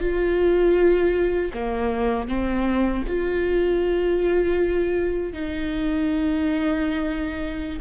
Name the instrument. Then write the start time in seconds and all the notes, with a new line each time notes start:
viola
0.00 F4
1.54 A#3
2.28 C4
3.07 F4
5.33 D#4